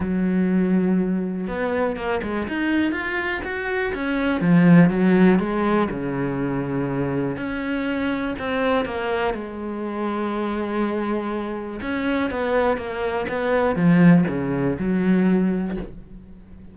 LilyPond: \new Staff \with { instrumentName = "cello" } { \time 4/4 \tempo 4 = 122 fis2. b4 | ais8 gis8 dis'4 f'4 fis'4 | cis'4 f4 fis4 gis4 | cis2. cis'4~ |
cis'4 c'4 ais4 gis4~ | gis1 | cis'4 b4 ais4 b4 | f4 cis4 fis2 | }